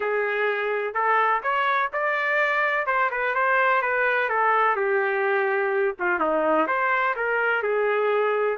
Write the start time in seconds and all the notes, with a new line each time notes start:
0.00 G#4
0.94 A4
1.42 C#5
1.93 D5
2.86 C5
3.11 B4
3.35 C5
3.82 B4
4.29 A4
4.76 G4
5.99 F4
6.19 D#4
6.67 C5
7.16 A#4
7.62 G#4